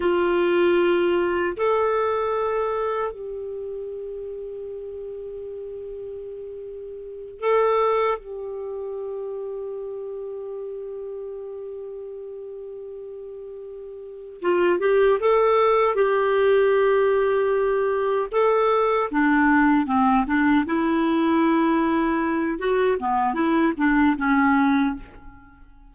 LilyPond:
\new Staff \with { instrumentName = "clarinet" } { \time 4/4 \tempo 4 = 77 f'2 a'2 | g'1~ | g'4. a'4 g'4.~ | g'1~ |
g'2~ g'8 f'8 g'8 a'8~ | a'8 g'2. a'8~ | a'8 d'4 c'8 d'8 e'4.~ | e'4 fis'8 b8 e'8 d'8 cis'4 | }